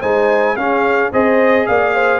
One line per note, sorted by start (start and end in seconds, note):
0.00 0.56 G#3
0.00 0.57 D#4
0.00 0.55 C5
0.00 0.56 G#5
0.56 1.11 C#4
0.56 1.13 C#4
0.56 1.11 G#4
0.56 1.11 F5
1.11 1.68 C4
1.11 2.20 G#4
1.11 1.66 C5
1.11 1.66 D#5
1.66 2.20 A#3
1.66 1.95 D5
1.66 2.20 F5
1.95 2.20 C5